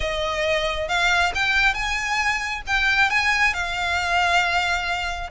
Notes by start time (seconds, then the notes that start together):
0.00 D#5
0.88 F5
1.34 G5
1.73 G#5
2.66 G5
3.09 G#5
3.53 F5